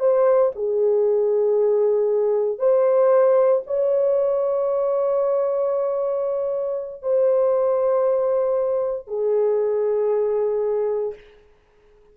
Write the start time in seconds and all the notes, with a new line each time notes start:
0.00 C5
0.56 G#4
2.59 C5
3.67 C#5
7.03 C5
9.08 G#4